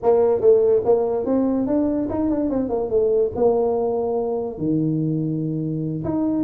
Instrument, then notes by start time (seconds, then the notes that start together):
tuba
0.02 A#3
0.41 A3
0.84 A#3
1.25 C4
1.66 D4
2.09 D#4
2.29 D4
2.50 C4
2.69 A#3
2.90 A3
3.35 A#3
4.58 D#3
6.04 D#4